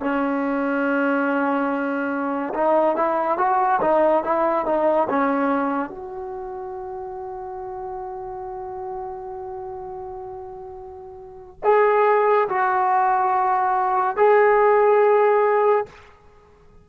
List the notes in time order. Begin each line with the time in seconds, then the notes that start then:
0.00 C#4
2.54 D#4
2.96 E4
3.38 F#4
3.81 D#4
4.24 E4
4.66 D#4
5.09 C#4
5.90 F#4
11.64 G#4
12.48 F#4
14.17 G#4